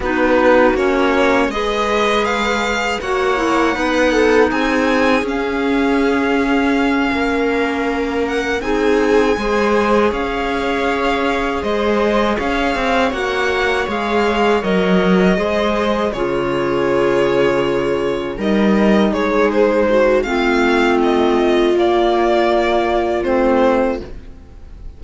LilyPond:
<<
  \new Staff \with { instrumentName = "violin" } { \time 4/4 \tempo 4 = 80 b'4 cis''4 dis''4 f''4 | fis''2 gis''4 f''4~ | f''2. fis''8 gis''8~ | gis''4. f''2 dis''8~ |
dis''8 f''4 fis''4 f''4 dis''8~ | dis''4. cis''2~ cis''8~ | cis''8 dis''4 cis''8 c''4 f''4 | dis''4 d''2 c''4 | }
  \new Staff \with { instrumentName = "viola" } { \time 4/4 fis'2 b'2 | cis''4 b'8 a'8 gis'2~ | gis'4. ais'2 gis'8~ | gis'8 c''4 cis''2 c''8~ |
c''8 cis''2.~ cis''8~ | cis''8 c''4 gis'2~ gis'8~ | gis'8 ais'4 gis'4 fis'8 f'4~ | f'1 | }
  \new Staff \with { instrumentName = "clarinet" } { \time 4/4 dis'4 cis'4 gis'2 | fis'8 e'8 dis'2 cis'4~ | cis'2.~ cis'8 dis'8~ | dis'8 gis'2.~ gis'8~ |
gis'4. fis'4 gis'4 ais'8~ | ais'8 gis'4 f'2~ f'8~ | f'8 dis'2~ dis'8 c'4~ | c'4 ais2 c'4 | }
  \new Staff \with { instrumentName = "cello" } { \time 4/4 b4 ais4 gis2 | ais4 b4 c'4 cis'4~ | cis'4. ais2 c'8~ | c'8 gis4 cis'2 gis8~ |
gis8 cis'8 c'8 ais4 gis4 fis8~ | fis8 gis4 cis2~ cis8~ | cis8 g4 gis4. a4~ | a4 ais2 a4 | }
>>